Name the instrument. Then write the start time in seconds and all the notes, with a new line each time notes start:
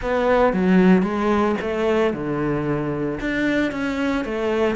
cello
0.02 B3
0.53 F#3
1.02 G#3
1.61 A3
2.13 D3
3.20 D4
3.71 C#4
4.25 A3